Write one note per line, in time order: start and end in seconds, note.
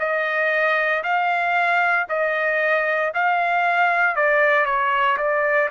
0.00 1.03 D#5
1.04 2.07 F5
2.10 3.13 D#5
3.15 4.16 F5
4.16 4.66 D5
4.66 5.18 C#5
5.18 5.69 D5